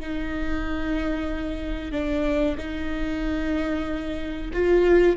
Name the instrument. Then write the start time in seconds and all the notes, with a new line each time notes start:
viola
0.00 D#4
1.92 D4
2.58 D#4
4.53 F4